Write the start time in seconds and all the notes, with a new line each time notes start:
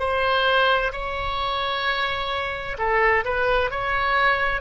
0.00 C5
0.93 C#5
2.78 A4
3.25 B4
3.71 C#5